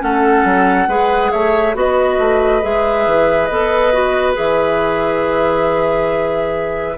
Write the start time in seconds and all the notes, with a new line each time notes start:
0.00 A3 C#4 A4 F#5
0.44 F#3
0.87 G#3 G#4 B4
1.32 A3 C#5 E5
1.74 B3 F#4 B4 D#5
2.19 A3
2.62 G#3 G#4 E5
3.07 E3
3.45 B3 A4 D#5
3.93 F#4
4.34 E3 G#4 E5